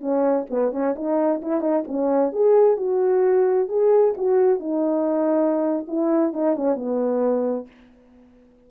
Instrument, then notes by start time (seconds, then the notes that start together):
horn
0.00 C#4
0.50 B3
0.72 C#4
0.95 D#4
1.41 E4
1.61 D#4
1.87 C#4
2.32 G#4
2.76 F#4
3.68 G#4
4.17 F#4
4.59 D#4
5.87 E4
6.33 D#4
6.55 C#4
6.75 B3